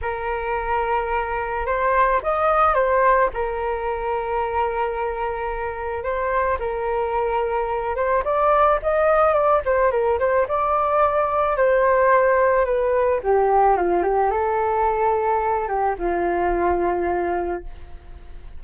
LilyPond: \new Staff \with { instrumentName = "flute" } { \time 4/4 \tempo 4 = 109 ais'2. c''4 | dis''4 c''4 ais'2~ | ais'2. c''4 | ais'2~ ais'8 c''8 d''4 |
dis''4 d''8 c''8 ais'8 c''8 d''4~ | d''4 c''2 b'4 | g'4 f'8 g'8 a'2~ | a'8 g'8 f'2. | }